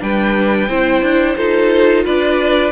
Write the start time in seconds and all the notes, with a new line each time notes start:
0.00 G3 D4 B4 G5
0.69 C4 E4 C5
1.02 D4
1.36 D#4 F4 A4 C5
2.05 D4 B4 D5